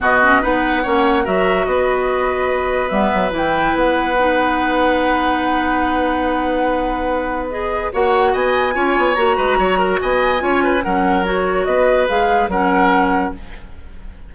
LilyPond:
<<
  \new Staff \with { instrumentName = "flute" } { \time 4/4 \tempo 4 = 144 dis''4 fis''2 e''4 | dis''2. e''4 | g''4 fis''2.~ | fis''1~ |
fis''2 dis''4 fis''4 | gis''2 ais''2 | gis''2 fis''4 cis''4 | dis''4 f''4 fis''2 | }
  \new Staff \with { instrumentName = "oboe" } { \time 4/4 fis'4 b'4 cis''4 ais'4 | b'1~ | b'1~ | b'1~ |
b'2. cis''4 | dis''4 cis''4. b'8 cis''8 ais'8 | dis''4 cis''8 b'8 ais'2 | b'2 ais'2 | }
  \new Staff \with { instrumentName = "clarinet" } { \time 4/4 b8 cis'8 dis'4 cis'4 fis'4~ | fis'2. b4 | e'2 dis'2~ | dis'1~ |
dis'2 gis'4 fis'4~ | fis'4 f'4 fis'2~ | fis'4 f'4 cis'4 fis'4~ | fis'4 gis'4 cis'2 | }
  \new Staff \with { instrumentName = "bassoon" } { \time 4/4 b,4 b4 ais4 fis4 | b2. g8 fis8 | e4 b2.~ | b1~ |
b2. ais4 | b4 cis'8 b8 ais8 gis8 fis4 | b4 cis'4 fis2 | b4 gis4 fis2 | }
>>